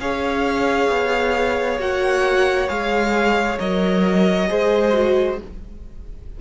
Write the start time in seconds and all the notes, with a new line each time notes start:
0.00 C#4 G#4 C#5 F5
0.90 B3
1.79 A#3 F#4 F#5
2.68 G#3 G#4 F5
3.59 F#3 A#4 D#5
4.48 G#3 G#4 C5
4.93 F#4